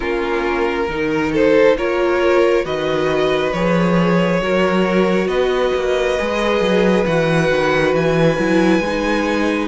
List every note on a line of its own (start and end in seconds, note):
0.00 0.88 A#3
0.00 0.88 C#4
0.00 0.87 F4
0.00 1.31 A#4
0.88 1.77 D#3
0.88 1.77 D#4
0.88 1.32 A#4
1.32 1.76 A4
1.32 1.77 C5
1.77 2.65 A#3
1.77 2.64 F4
1.77 2.64 A#4
1.77 2.65 C#5
2.64 3.52 D#3
2.64 3.53 F#4
2.64 4.40 B4
2.64 3.52 D#5
3.52 4.41 F3
3.52 4.42 G#4
3.52 5.28 C#5
4.41 5.27 F#3
4.41 6.18 F#4
4.41 5.27 A#4
5.27 5.71 B3
5.27 9.67 B4
5.27 7.04 D#5
5.74 6.18 A#3
6.18 6.60 G#3
6.18 7.07 G#4
6.60 7.04 F#3
7.06 7.50 E3
7.06 8.38 F#4
7.06 7.94 F#5
7.50 7.93 D#3
7.93 8.37 E3
7.93 9.67 G#5
8.38 8.79 F#3
8.38 8.82 E4
8.79 9.67 G#3
8.86 9.67 D#4